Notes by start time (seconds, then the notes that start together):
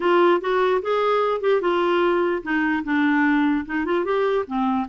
0.00 F4
0.40 F#4
0.82 G#4
1.41 G4
1.61 F4
2.42 D#4
2.84 D4
3.65 D#4
3.85 F4
4.04 G4
4.46 C4